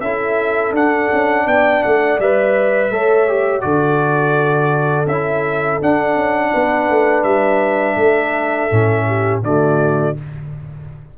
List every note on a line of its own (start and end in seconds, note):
0.00 0.72 C#4
0.00 0.74 E4
0.00 1.45 A4
0.00 0.72 E5
0.72 1.08 D4
0.72 2.18 D4
0.72 1.47 F#5
1.12 1.46 C#4
1.45 1.83 B3
1.45 2.89 D5
1.45 1.83 G5
1.83 2.19 A3
1.83 2.19 F#5
2.19 2.90 G3
2.19 2.92 B4
2.19 3.61 E5
2.90 3.62 A3
2.90 3.28 A4
2.90 3.64 C#5
3.28 3.61 G4
3.61 5.06 D3
3.61 5.05 F#4
3.61 6.52 A4
3.61 5.06 D5
5.06 5.78 C#4
5.06 5.81 E4
5.06 5.80 E5
5.81 8.70 D4
5.81 6.16 D4
5.81 7.23 F#5
6.16 6.52 C#4
6.52 6.90 B3
6.52 7.97 B4
6.90 7.23 A3
7.23 7.96 G3
7.23 9.40 E5
7.96 8.68 A3
7.96 9.06 A4
8.70 9.42 A2
8.70 9.42 C#4
9.07 9.43 G4
9.42 10.15 D3
9.42 10.15 A3
9.42 10.17 F#4
9.42 10.16 D5